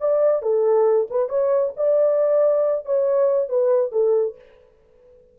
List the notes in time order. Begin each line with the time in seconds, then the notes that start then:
0.00 D5
0.42 A4
1.10 B4
1.29 C#5
1.76 D5
2.85 C#5
3.49 B4
3.92 A4